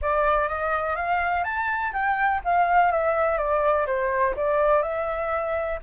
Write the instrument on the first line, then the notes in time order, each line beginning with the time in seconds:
flute
0.01 D5
0.48 D#5
0.96 F5
1.44 A5
1.92 G5
2.44 F5
2.91 E5
3.37 D5
3.86 C5
4.36 D5
4.82 E5